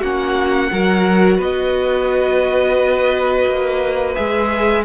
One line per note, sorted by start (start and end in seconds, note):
0.00 0.71 A#3
0.00 0.72 C#4
0.00 0.69 F#4
0.00 1.40 F#5
0.71 1.38 F#3
0.71 4.15 F#4
0.71 1.37 A#4
1.37 3.45 B3
1.37 4.82 B4
1.37 4.15 D#5
3.47 4.16 A#3
4.15 4.84 G#3
4.15 4.84 G#4
4.15 4.83 E5